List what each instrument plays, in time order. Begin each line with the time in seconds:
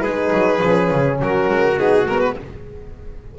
0.00 double bass G#3, trumpet G#4, violin B4
0.06 horn D#4
0.33 double bass F#3
0.58 double bass F3, horn C#4
0.91 double bass C#3
1.20 double bass F#3, trumpet F#4, violin A#4
1.48 double bass G#3
1.77 double bass B3, horn D#4, violin G#4
2.06 double bass G#3, horn B3, violin A#4
2.20 violin B4